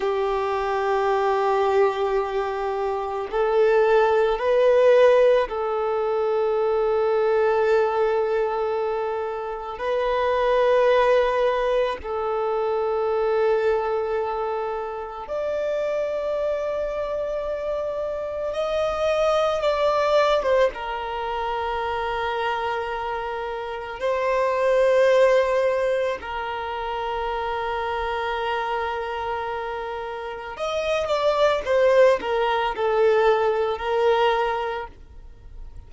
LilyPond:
\new Staff \with { instrumentName = "violin" } { \time 4/4 \tempo 4 = 55 g'2. a'4 | b'4 a'2.~ | a'4 b'2 a'4~ | a'2 d''2~ |
d''4 dis''4 d''8. c''16 ais'4~ | ais'2 c''2 | ais'1 | dis''8 d''8 c''8 ais'8 a'4 ais'4 | }